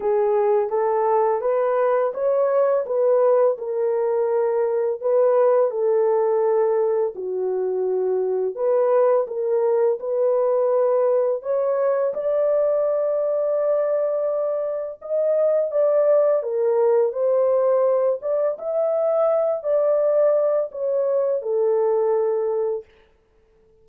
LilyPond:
\new Staff \with { instrumentName = "horn" } { \time 4/4 \tempo 4 = 84 gis'4 a'4 b'4 cis''4 | b'4 ais'2 b'4 | a'2 fis'2 | b'4 ais'4 b'2 |
cis''4 d''2.~ | d''4 dis''4 d''4 ais'4 | c''4. d''8 e''4. d''8~ | d''4 cis''4 a'2 | }